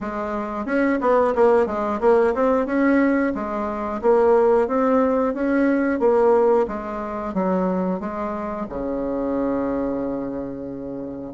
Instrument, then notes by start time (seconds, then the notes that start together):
bassoon
0.01 G#3
0.65 C#4
1.00 B3
1.35 A#3
1.66 G#3
2.00 A#3
2.34 C4
2.65 C#4
3.34 G#3
4.01 A#3
4.67 C4
5.33 C#4
5.99 A#3
6.67 G#3
7.34 F#3
8.00 G#3
8.69 C#3